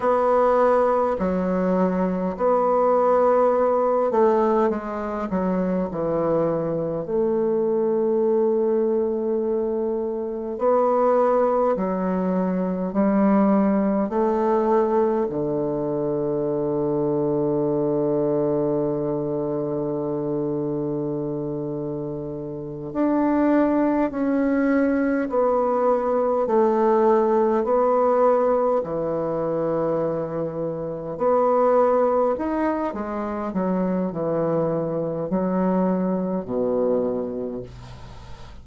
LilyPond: \new Staff \with { instrumentName = "bassoon" } { \time 4/4 \tempo 4 = 51 b4 fis4 b4. a8 | gis8 fis8 e4 a2~ | a4 b4 fis4 g4 | a4 d2.~ |
d2.~ d8 d'8~ | d'8 cis'4 b4 a4 b8~ | b8 e2 b4 dis'8 | gis8 fis8 e4 fis4 b,4 | }